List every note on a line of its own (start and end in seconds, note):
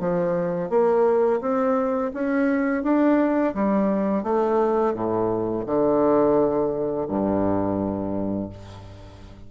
0.00 0.70 F3
0.70 1.41 A#3
1.41 2.12 C4
2.14 2.84 C#4
2.84 3.55 D4
3.55 4.24 G3
4.24 4.94 A3
4.94 5.65 A2
5.66 7.07 D3
7.08 8.50 G2